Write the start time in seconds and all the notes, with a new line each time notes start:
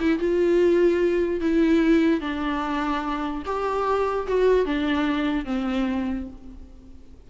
0.00 E4
0.19 F4
1.40 E4
2.20 D4
3.45 G4
4.27 F#4
4.65 D4
5.45 C4